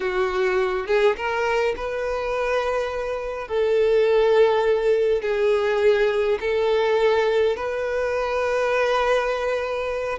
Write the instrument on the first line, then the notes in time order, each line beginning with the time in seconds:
violin
0.00 F#4
0.87 G#4
1.16 A#4
1.76 B4
3.48 A4
5.22 G#4
6.40 A4
7.56 B4